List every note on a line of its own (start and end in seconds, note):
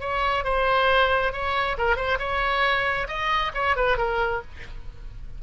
0.00 0.44 C#5
0.44 1.32 C5
1.32 1.76 C#5
1.77 1.96 A#4
1.96 2.18 C5
2.19 3.07 C#5
3.07 3.52 D#5
3.54 3.76 C#5
3.76 3.97 B4
3.97 4.41 A#4